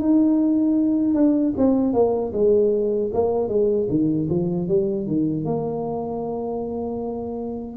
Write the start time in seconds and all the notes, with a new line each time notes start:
0.00 D#4
1.15 D4
1.58 C4
1.93 A#3
2.33 G#3
3.14 A#3
3.49 G#3
3.90 D#3
4.30 F3
4.69 G3
5.07 D#3
5.45 A#3